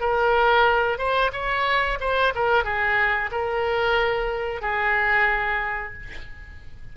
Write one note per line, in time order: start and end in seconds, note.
0.00 0.98 A#4
0.98 1.31 C5
1.32 1.98 C#5
2.00 2.33 C5
2.35 2.64 A#4
2.64 3.30 G#4
3.31 4.61 A#4
4.61 5.93 G#4